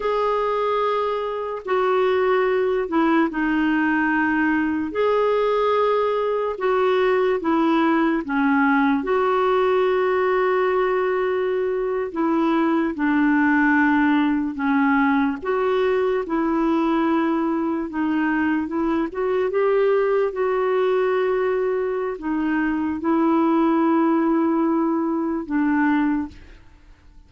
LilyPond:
\new Staff \with { instrumentName = "clarinet" } { \time 4/4 \tempo 4 = 73 gis'2 fis'4. e'8 | dis'2 gis'2 | fis'4 e'4 cis'4 fis'4~ | fis'2~ fis'8. e'4 d'16~ |
d'4.~ d'16 cis'4 fis'4 e'16~ | e'4.~ e'16 dis'4 e'8 fis'8 g'16~ | g'8. fis'2~ fis'16 dis'4 | e'2. d'4 | }